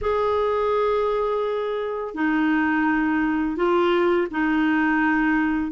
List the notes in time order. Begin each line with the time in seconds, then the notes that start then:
0.01 G#4
2.14 D#4
3.56 F4
4.31 D#4